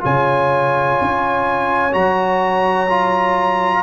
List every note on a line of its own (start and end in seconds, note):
0.00 1.00 C#3
0.00 1.90 F4
0.00 3.83 C#5
0.00 1.93 G#5
1.01 1.94 C#4
1.91 3.83 F#3
1.91 2.87 F#4
1.91 3.83 A#5
2.89 3.83 F4